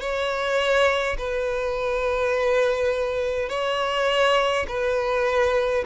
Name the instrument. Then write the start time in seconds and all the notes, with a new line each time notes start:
violin
0.00 C#5
1.18 B4
3.49 C#5
4.68 B4